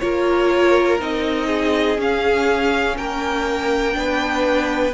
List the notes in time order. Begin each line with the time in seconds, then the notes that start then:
0.00 A#3 F4 A#4 C#5
1.00 C4 D#4 D#5
1.47 G#4
1.99 C#4 F5
2.98 A#3 A#4 G5
3.93 B3 D4
4.00 B4